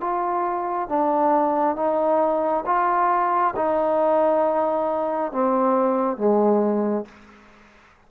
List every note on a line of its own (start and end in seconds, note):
0.00 0.88 F4
0.88 1.76 D4
1.76 2.64 D#4
2.66 3.54 F4
3.56 5.31 D#4
5.31 6.17 C4
6.17 7.05 G#3